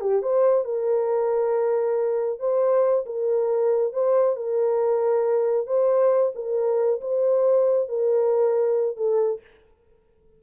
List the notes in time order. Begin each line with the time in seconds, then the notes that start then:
0.00 G4
0.22 C5
0.64 A#4
2.39 C5
3.05 A#4
3.92 C5
4.36 A#4
5.66 C5
6.35 A#4
7.01 C5
7.88 A#4
8.96 A4